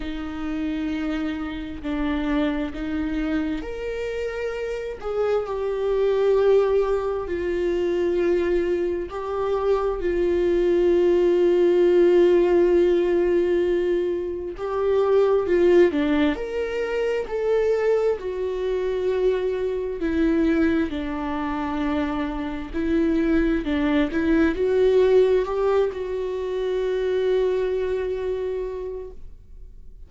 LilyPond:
\new Staff \with { instrumentName = "viola" } { \time 4/4 \tempo 4 = 66 dis'2 d'4 dis'4 | ais'4. gis'8 g'2 | f'2 g'4 f'4~ | f'1 |
g'4 f'8 d'8 ais'4 a'4 | fis'2 e'4 d'4~ | d'4 e'4 d'8 e'8 fis'4 | g'8 fis'2.~ fis'8 | }